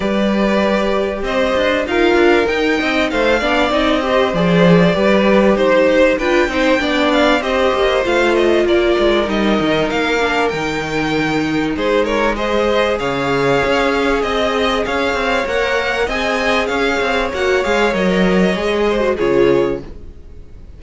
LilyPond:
<<
  \new Staff \with { instrumentName = "violin" } { \time 4/4 \tempo 4 = 97 d''2 dis''4 f''4 | g''4 f''4 dis''4 d''4~ | d''4 c''4 g''4. f''8 | dis''4 f''8 dis''8 d''4 dis''4 |
f''4 g''2 c''8 cis''8 | dis''4 f''2 dis''4 | f''4 fis''4 gis''4 f''4 | fis''8 f''8 dis''2 cis''4 | }
  \new Staff \with { instrumentName = "violin" } { \time 4/4 b'2 c''4 ais'4~ | ais'8 dis''8 c''8 d''4 c''4. | b'4 c''4 b'8 c''8 d''4 | c''2 ais'2~ |
ais'2. gis'8 ais'8 | c''4 cis''2 dis''4 | cis''2 dis''4 cis''4~ | cis''2~ cis''8 c''8 gis'4 | }
  \new Staff \with { instrumentName = "viola" } { \time 4/4 g'2. f'4 | dis'4. d'8 dis'8 g'8 gis'4 | g'2 f'8 dis'8 d'4 | g'4 f'2 dis'4~ |
dis'8 d'8 dis'2. | gis'1~ | gis'4 ais'4 gis'2 | fis'8 gis'8 ais'4 gis'8. fis'16 f'4 | }
  \new Staff \with { instrumentName = "cello" } { \time 4/4 g2 c'8 d'8 dis'8 d'8 | dis'8 c'8 a8 b8 c'4 f4 | g4 dis'4 d'8 c'8 b4 | c'8 ais8 a4 ais8 gis8 g8 dis8 |
ais4 dis2 gis4~ | gis4 cis4 cis'4 c'4 | cis'8 c'8 ais4 c'4 cis'8 c'8 | ais8 gis8 fis4 gis4 cis4 | }
>>